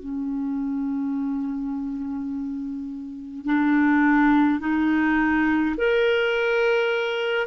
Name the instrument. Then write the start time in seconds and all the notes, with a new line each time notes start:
clarinet
0.00 C#4
3.46 D4
4.60 D#4
5.78 A#4